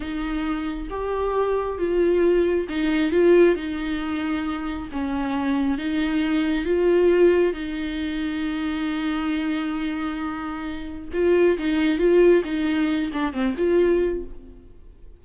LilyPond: \new Staff \with { instrumentName = "viola" } { \time 4/4 \tempo 4 = 135 dis'2 g'2 | f'2 dis'4 f'4 | dis'2. cis'4~ | cis'4 dis'2 f'4~ |
f'4 dis'2.~ | dis'1~ | dis'4 f'4 dis'4 f'4 | dis'4. d'8 c'8 f'4. | }